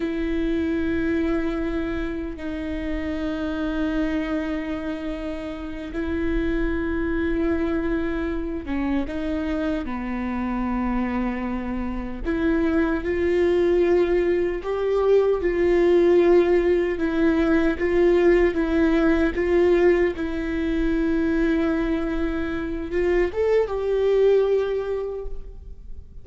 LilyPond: \new Staff \with { instrumentName = "viola" } { \time 4/4 \tempo 4 = 76 e'2. dis'4~ | dis'2.~ dis'8 e'8~ | e'2. cis'8 dis'8~ | dis'8 b2. e'8~ |
e'8 f'2 g'4 f'8~ | f'4. e'4 f'4 e'8~ | e'8 f'4 e'2~ e'8~ | e'4 f'8 a'8 g'2 | }